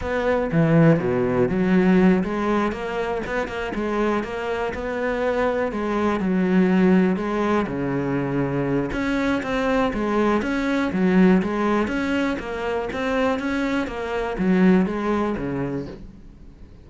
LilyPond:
\new Staff \with { instrumentName = "cello" } { \time 4/4 \tempo 4 = 121 b4 e4 b,4 fis4~ | fis8 gis4 ais4 b8 ais8 gis8~ | gis8 ais4 b2 gis8~ | gis8 fis2 gis4 cis8~ |
cis2 cis'4 c'4 | gis4 cis'4 fis4 gis4 | cis'4 ais4 c'4 cis'4 | ais4 fis4 gis4 cis4 | }